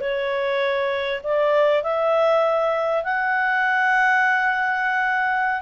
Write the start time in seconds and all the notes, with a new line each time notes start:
0.00 C#5
1.23 D5
1.83 E5
3.04 F#5